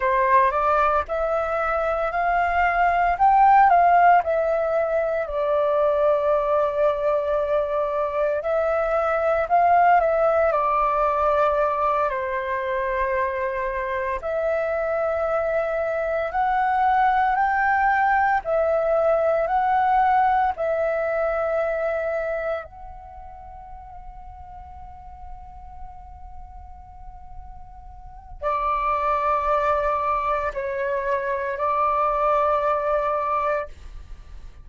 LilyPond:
\new Staff \with { instrumentName = "flute" } { \time 4/4 \tempo 4 = 57 c''8 d''8 e''4 f''4 g''8 f''8 | e''4 d''2. | e''4 f''8 e''8 d''4. c''8~ | c''4. e''2 fis''8~ |
fis''8 g''4 e''4 fis''4 e''8~ | e''4. fis''2~ fis''8~ | fis''2. d''4~ | d''4 cis''4 d''2 | }